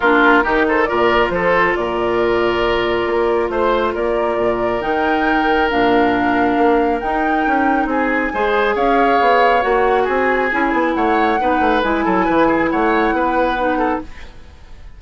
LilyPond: <<
  \new Staff \with { instrumentName = "flute" } { \time 4/4 \tempo 4 = 137 ais'4. c''8 d''4 c''4 | d''1 | c''4 d''2 g''4~ | g''4 f''2. |
g''2 gis''2 | f''2 fis''4 gis''4~ | gis''4 fis''2 gis''4~ | gis''4 fis''2. | }
  \new Staff \with { instrumentName = "oboe" } { \time 4/4 f'4 g'8 a'8 ais'4 a'4 | ais'1 | c''4 ais'2.~ | ais'1~ |
ais'2 gis'4 c''4 | cis''2. gis'4~ | gis'4 cis''4 b'4. a'8 | b'8 gis'8 cis''4 b'4. a'8 | }
  \new Staff \with { instrumentName = "clarinet" } { \time 4/4 d'4 dis'4 f'2~ | f'1~ | f'2. dis'4~ | dis'4 d'2. |
dis'2. gis'4~ | gis'2 fis'2 | e'2 dis'4 e'4~ | e'2. dis'4 | }
  \new Staff \with { instrumentName = "bassoon" } { \time 4/4 ais4 dis4 ais,4 f4 | ais,2. ais4 | a4 ais4 ais,4 dis4~ | dis4 ais,2 ais4 |
dis'4 cis'4 c'4 gis4 | cis'4 b4 ais4 c'4 | cis'8 b8 a4 b8 a8 gis8 fis8 | e4 a4 b2 | }
>>